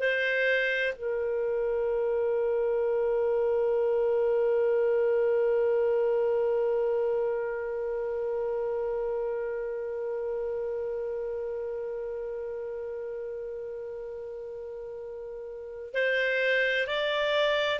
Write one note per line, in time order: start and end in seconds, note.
0.00 0.94 C5
0.95 15.94 A#4
15.94 16.87 C5
16.87 17.80 D5